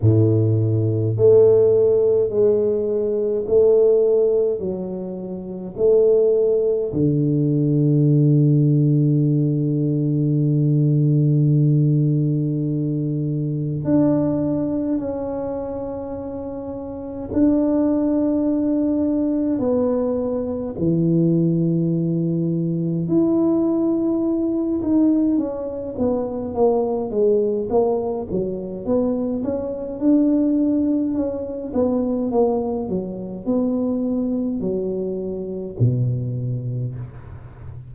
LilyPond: \new Staff \with { instrumentName = "tuba" } { \time 4/4 \tempo 4 = 52 a,4 a4 gis4 a4 | fis4 a4 d2~ | d1 | d'4 cis'2 d'4~ |
d'4 b4 e2 | e'4. dis'8 cis'8 b8 ais8 gis8 | ais8 fis8 b8 cis'8 d'4 cis'8 b8 | ais8 fis8 b4 fis4 b,4 | }